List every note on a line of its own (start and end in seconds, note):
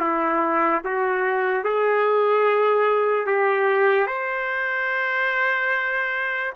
0.00 0.82 E4
0.85 1.65 F#4
1.65 3.27 G#4
3.27 4.07 G4
4.07 6.54 C5